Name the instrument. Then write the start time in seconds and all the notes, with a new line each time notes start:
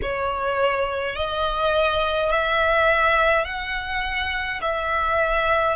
violin
0.02 C#5
1.15 D#5
2.30 E5
3.45 F#5
4.61 E5